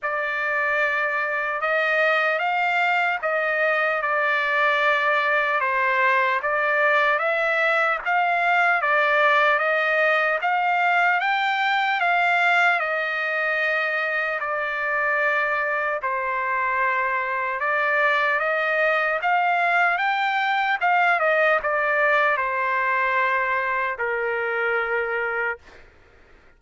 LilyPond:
\new Staff \with { instrumentName = "trumpet" } { \time 4/4 \tempo 4 = 75 d''2 dis''4 f''4 | dis''4 d''2 c''4 | d''4 e''4 f''4 d''4 | dis''4 f''4 g''4 f''4 |
dis''2 d''2 | c''2 d''4 dis''4 | f''4 g''4 f''8 dis''8 d''4 | c''2 ais'2 | }